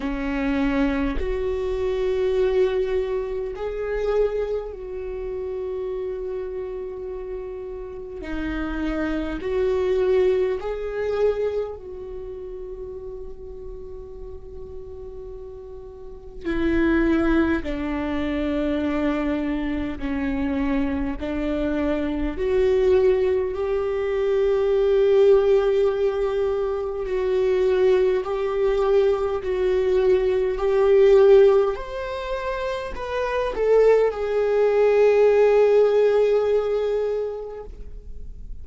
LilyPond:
\new Staff \with { instrumentName = "viola" } { \time 4/4 \tempo 4 = 51 cis'4 fis'2 gis'4 | fis'2. dis'4 | fis'4 gis'4 fis'2~ | fis'2 e'4 d'4~ |
d'4 cis'4 d'4 fis'4 | g'2. fis'4 | g'4 fis'4 g'4 c''4 | b'8 a'8 gis'2. | }